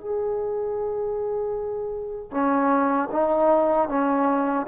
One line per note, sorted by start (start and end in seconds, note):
0.00 2.31 G#4
2.31 3.09 C#4
3.12 3.89 D#4
3.89 4.66 C#4